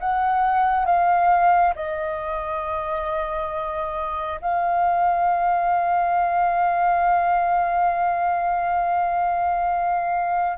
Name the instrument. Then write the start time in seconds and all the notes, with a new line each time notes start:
flute
0.00 F#5
0.85 F5
1.76 D#5
4.42 F5